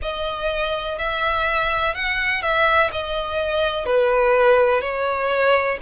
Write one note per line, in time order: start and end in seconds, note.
0.01 0.98 D#5
0.98 1.94 E5
1.94 2.41 F#5
2.41 2.90 E5
2.92 3.85 D#5
3.85 4.81 B4
4.81 5.78 C#5